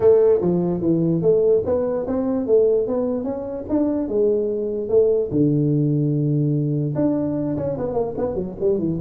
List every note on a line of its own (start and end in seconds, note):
0.00 0.40 A3
0.41 0.81 F3
0.81 1.21 E3
1.22 1.62 A3
1.65 2.06 B3
2.07 2.46 C4
2.46 2.87 A3
2.87 3.24 B3
3.24 3.64 C#4
3.69 4.08 D4
4.08 4.88 G#3
4.88 5.29 A3
5.31 6.94 D3
6.95 7.56 D4
7.56 7.77 C#4
7.78 7.93 B3
7.93 8.13 A#3
8.17 8.34 B3
8.34 8.55 F#3
8.60 8.79 G3
8.79 8.99 E3